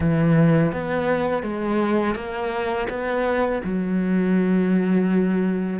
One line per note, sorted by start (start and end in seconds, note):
0.00 0.72 E3
0.72 1.42 B3
1.42 2.15 G#3
2.15 2.87 A#3
2.89 3.61 B3
3.64 5.79 F#3